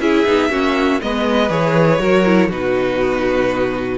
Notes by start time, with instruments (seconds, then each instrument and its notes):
0.00 cello C#4, viola E4, violin G#4 E5
0.26 cello B3, viola D#4
0.50 cello A#3, viola C#4, violin F#4
1.02 cello G#3, viola B3, violin B4 D#5
1.50 cello E3, viola G#4, violin C#5
1.99 cello F#3, viola F#4, violin A#4
2.26 viola E4
2.49 cello B2, viola D#4, violin F#4 B4